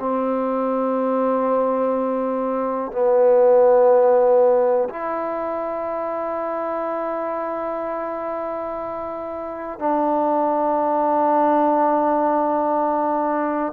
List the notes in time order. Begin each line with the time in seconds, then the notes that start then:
0.00 C4
2.92 B3
4.90 E4
9.80 D4